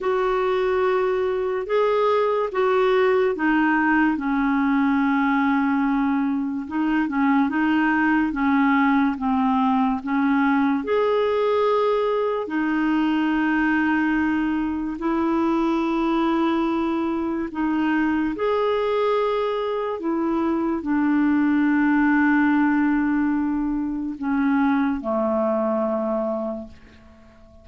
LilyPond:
\new Staff \with { instrumentName = "clarinet" } { \time 4/4 \tempo 4 = 72 fis'2 gis'4 fis'4 | dis'4 cis'2. | dis'8 cis'8 dis'4 cis'4 c'4 | cis'4 gis'2 dis'4~ |
dis'2 e'2~ | e'4 dis'4 gis'2 | e'4 d'2.~ | d'4 cis'4 a2 | }